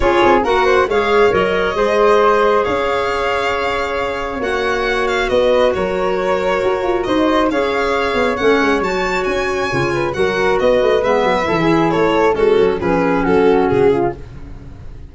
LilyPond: <<
  \new Staff \with { instrumentName = "violin" } { \time 4/4 \tempo 4 = 136 cis''4 fis''4 f''4 dis''4~ | dis''2 f''2~ | f''2 fis''4. f''8 | dis''4 cis''2. |
dis''4 f''2 fis''4 | a''4 gis''2 fis''4 | dis''4 e''2 cis''4 | a'4 b'4 a'4 gis'4 | }
  \new Staff \with { instrumentName = "flute" } { \time 4/4 gis'4 ais'8 c''8 cis''2 | c''2 cis''2~ | cis''1 | b'4 ais'2. |
c''4 cis''2.~ | cis''2~ cis''8 b'8 ais'4 | b'2 a'16 gis'8. a'4 | cis'4 gis'4 fis'4. f'8 | }
  \new Staff \with { instrumentName = "clarinet" } { \time 4/4 f'4 fis'4 gis'4 ais'4 | gis'1~ | gis'2 fis'2~ | fis'1~ |
fis'4 gis'2 cis'4 | fis'2 f'4 fis'4~ | fis'4 b4 e'2 | fis'4 cis'2. | }
  \new Staff \with { instrumentName = "tuba" } { \time 4/4 cis'8 c'8 ais4 gis4 fis4 | gis2 cis'2~ | cis'2 ais2 | b4 fis2 fis'8 f'8 |
dis'4 cis'4. b8 a8 gis8 | fis4 cis'4 cis4 fis4 | b8 a8 gis8 fis8 e4 a4 | gis8 fis8 f4 fis4 cis4 | }
>>